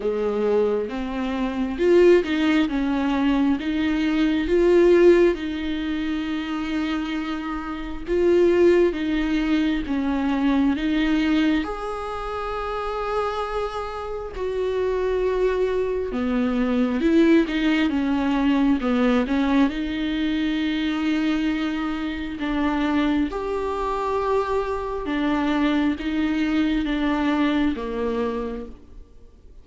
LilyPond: \new Staff \with { instrumentName = "viola" } { \time 4/4 \tempo 4 = 67 gis4 c'4 f'8 dis'8 cis'4 | dis'4 f'4 dis'2~ | dis'4 f'4 dis'4 cis'4 | dis'4 gis'2. |
fis'2 b4 e'8 dis'8 | cis'4 b8 cis'8 dis'2~ | dis'4 d'4 g'2 | d'4 dis'4 d'4 ais4 | }